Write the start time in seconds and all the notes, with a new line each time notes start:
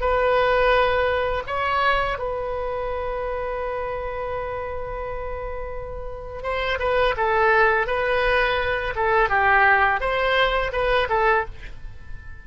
0.00 B4
1.47 C#5
2.18 B4
6.42 C5
6.79 B4
7.17 A4
7.87 B4
8.95 A4
9.29 G4
10.00 C5
10.72 B4
11.09 A4